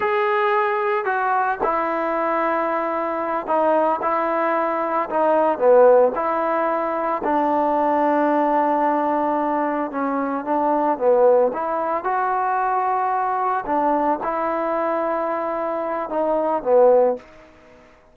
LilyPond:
\new Staff \with { instrumentName = "trombone" } { \time 4/4 \tempo 4 = 112 gis'2 fis'4 e'4~ | e'2~ e'8 dis'4 e'8~ | e'4. dis'4 b4 e'8~ | e'4. d'2~ d'8~ |
d'2~ d'8 cis'4 d'8~ | d'8 b4 e'4 fis'4.~ | fis'4. d'4 e'4.~ | e'2 dis'4 b4 | }